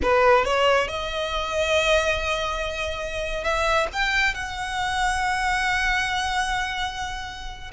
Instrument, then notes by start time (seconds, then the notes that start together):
violin
0.02 B4
0.45 C#5
0.88 D#5
3.43 E5
3.92 G5
4.34 F#5